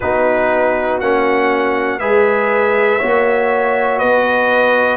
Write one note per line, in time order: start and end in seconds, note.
0.00 1.01 B3
0.00 1.02 D#4
0.00 1.99 F#4
0.00 1.00 B4
1.00 1.99 A#3
1.00 2.00 C#4
1.00 1.99 F#5
1.99 2.99 G#3
1.99 3.00 G#4
1.99 2.98 B4
1.99 3.98 E5
2.98 4.01 A#3
2.98 4.96 F#4
2.98 3.98 C#5
3.98 4.96 B3
3.98 4.96 B4
3.98 4.96 D#5